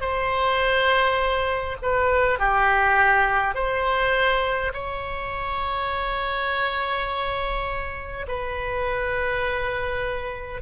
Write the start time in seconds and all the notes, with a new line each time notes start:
0.00 C5
1.82 B4
2.39 G4
3.54 C5
4.73 C#5
8.27 B4